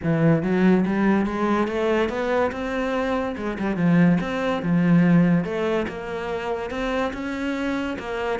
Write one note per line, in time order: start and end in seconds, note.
0.03 0.43 E3
0.43 0.84 F#3
0.85 1.26 G3
1.26 1.67 G#3
1.67 2.09 A3
2.09 2.51 B3
2.51 3.35 C4
3.36 3.57 G#3
3.58 3.76 G3
3.76 4.18 F3
4.20 4.62 C4
4.62 5.44 F3
5.44 5.86 A3
5.87 6.70 A#3
6.70 7.12 C4
7.13 7.97 C#4
7.99 8.39 A#3